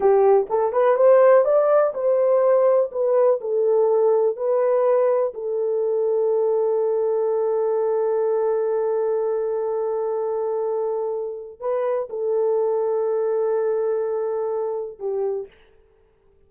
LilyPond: \new Staff \with { instrumentName = "horn" } { \time 4/4 \tempo 4 = 124 g'4 a'8 b'8 c''4 d''4 | c''2 b'4 a'4~ | a'4 b'2 a'4~ | a'1~ |
a'1~ | a'1 | b'4 a'2.~ | a'2. g'4 | }